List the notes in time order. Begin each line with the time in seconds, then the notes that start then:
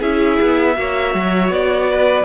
0.00 C#4 E4 G#4 E5
0.41 B3
0.75 A#3 F#4 C#5
1.15 F#3
1.50 B3 D5
1.91 B4